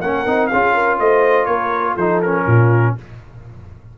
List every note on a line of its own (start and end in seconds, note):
0.00 0.24 A#3
0.00 0.26 C#4
0.00 0.51 A#4
0.00 0.47 F#5
0.26 0.50 C4
0.26 0.51 D#4
0.47 0.99 C#4
0.47 1.99 F4
0.47 0.74 G#4
0.47 0.96 F5
0.74 0.98 A#4
0.99 1.47 A3
0.99 1.47 C5
0.99 1.45 D#5
1.45 1.96 A#3
1.45 1.94 A#4
1.45 1.94 C#5
1.94 2.45 F3
1.94 2.23 D#4
1.94 2.43 A4
1.94 2.21 C5
2.22 2.98 C#4
2.22 2.95 A#4
2.46 2.95 A#2
2.46 2.95 F4